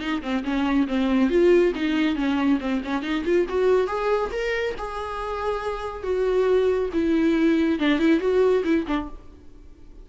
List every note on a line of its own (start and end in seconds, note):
0.00 0.22 D#4
0.22 0.44 C4
0.44 0.87 C#4
0.88 1.30 C4
1.30 1.73 F4
1.75 2.16 D#4
2.16 2.59 C#4
2.60 2.82 C4
2.84 3.02 C#4
3.02 3.24 D#4
3.25 3.46 F4
3.49 3.87 F#4
3.87 4.30 G#4
4.31 4.75 A#4
4.78 6.03 G#4
6.03 6.90 F#4
6.93 7.79 E4
7.79 7.99 D4
7.99 8.20 E4
8.20 8.63 F#4
8.64 8.85 E4
8.87 9.09 D4